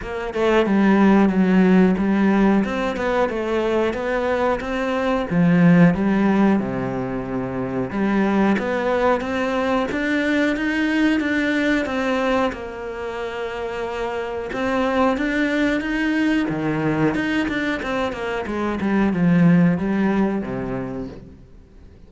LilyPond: \new Staff \with { instrumentName = "cello" } { \time 4/4 \tempo 4 = 91 ais8 a8 g4 fis4 g4 | c'8 b8 a4 b4 c'4 | f4 g4 c2 | g4 b4 c'4 d'4 |
dis'4 d'4 c'4 ais4~ | ais2 c'4 d'4 | dis'4 dis4 dis'8 d'8 c'8 ais8 | gis8 g8 f4 g4 c4 | }